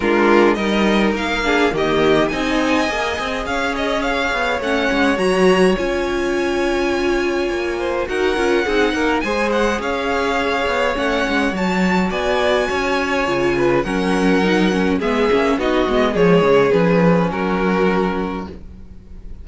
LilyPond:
<<
  \new Staff \with { instrumentName = "violin" } { \time 4/4 \tempo 4 = 104 ais'4 dis''4 f''4 dis''4 | gis''2 f''8 dis''8 f''4 | fis''4 ais''4 gis''2~ | gis''2 fis''2 |
gis''8 fis''8 f''2 fis''4 | a''4 gis''2. | fis''2 e''4 dis''4 | cis''4 b'4 ais'2 | }
  \new Staff \with { instrumentName = "violin" } { \time 4/4 f'4 ais'4. gis'8 g'4 | dis''2 cis''2~ | cis''1~ | cis''4. c''8 ais'4 gis'8 ais'8 |
c''4 cis''2.~ | cis''4 d''4 cis''4. b'8 | ais'2 gis'4 fis'4 | gis'2 fis'2 | }
  \new Staff \with { instrumentName = "viola" } { \time 4/4 d'4 dis'4. d'8 ais4 | dis'4 gis'2. | cis'4 fis'4 f'2~ | f'2 fis'8 f'8 dis'4 |
gis'2. cis'4 | fis'2. f'4 | cis'4 dis'8 cis'8 b8 cis'8 dis'8 b8 | gis4 cis'2. | }
  \new Staff \with { instrumentName = "cello" } { \time 4/4 gis4 g4 ais4 dis4 | c'4 ais8 c'8 cis'4. b8 | a8 gis8 fis4 cis'2~ | cis'4 ais4 dis'8 cis'8 c'8 ais8 |
gis4 cis'4. b8 a8 gis8 | fis4 b4 cis'4 cis4 | fis2 gis8 ais8 b8 gis8 | f8 cis8 f4 fis2 | }
>>